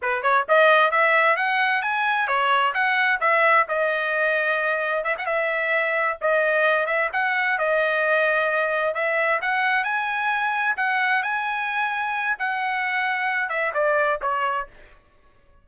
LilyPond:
\new Staff \with { instrumentName = "trumpet" } { \time 4/4 \tempo 4 = 131 b'8 cis''8 dis''4 e''4 fis''4 | gis''4 cis''4 fis''4 e''4 | dis''2. e''16 fis''16 e''8~ | e''4. dis''4. e''8 fis''8~ |
fis''8 dis''2. e''8~ | e''8 fis''4 gis''2 fis''8~ | fis''8 gis''2~ gis''8 fis''4~ | fis''4. e''8 d''4 cis''4 | }